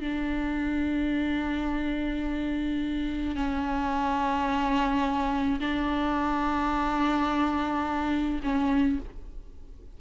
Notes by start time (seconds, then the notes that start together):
0.00 D4
3.35 C#4
5.59 D4
8.43 C#4